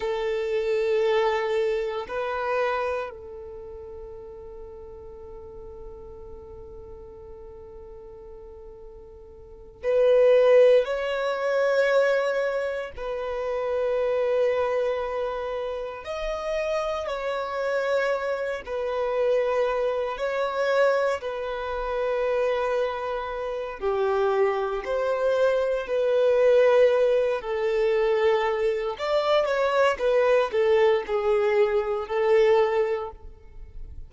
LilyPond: \new Staff \with { instrumentName = "violin" } { \time 4/4 \tempo 4 = 58 a'2 b'4 a'4~ | a'1~ | a'4. b'4 cis''4.~ | cis''8 b'2. dis''8~ |
dis''8 cis''4. b'4. cis''8~ | cis''8 b'2~ b'8 g'4 | c''4 b'4. a'4. | d''8 cis''8 b'8 a'8 gis'4 a'4 | }